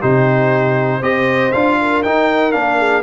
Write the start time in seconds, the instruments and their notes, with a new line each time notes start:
0.00 tuba C3, trombone D#4, horn G4, trumpet C5
1.01 tuba C4, trombone G4, horn C5, trumpet D#5
1.52 tuba D4, trombone F4, trumpet F5
1.82 horn A#4
2.03 trombone D#4, tuba D#4, trumpet G5
2.52 tuba A#3, trombone D4, trumpet F5
2.78 horn G#4